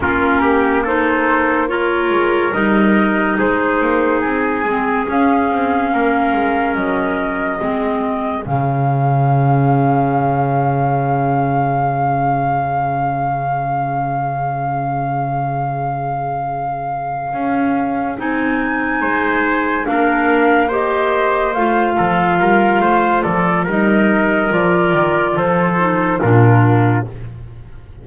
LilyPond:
<<
  \new Staff \with { instrumentName = "flute" } { \time 4/4 \tempo 4 = 71 ais'4 c''4 cis''4 dis''4 | c''4 gis''4 f''2 | dis''2 f''2~ | f''1~ |
f''1~ | f''4. gis''2 f''8~ | f''8 dis''4 f''2 d''8 | dis''4 d''4 c''4 ais'4 | }
  \new Staff \with { instrumentName = "trumpet" } { \time 4/4 f'8 g'8 a'4 ais'2 | gis'2. ais'4~ | ais'4 gis'2.~ | gis'1~ |
gis'1~ | gis'2~ gis'8 c''4 ais'8~ | ais'8 c''4. a'8 ais'8 c''8 a'8 | ais'2 a'4 f'4 | }
  \new Staff \with { instrumentName = "clarinet" } { \time 4/4 cis'4 dis'4 f'4 dis'4~ | dis'4. c'8 cis'2~ | cis'4 c'4 cis'2~ | cis'1~ |
cis'1~ | cis'4. dis'2 d'8~ | d'8 g'4 f'2~ f'8 | dis'4 f'4. dis'8 d'4 | }
  \new Staff \with { instrumentName = "double bass" } { \time 4/4 ais2~ ais8 gis8 g4 | gis8 ais8 c'8 gis8 cis'8 c'8 ais8 gis8 | fis4 gis4 cis2~ | cis1~ |
cis1~ | cis8 cis'4 c'4 gis4 ais8~ | ais4. a8 f8 g8 a8 f8 | g4 f8 dis8 f4 ais,4 | }
>>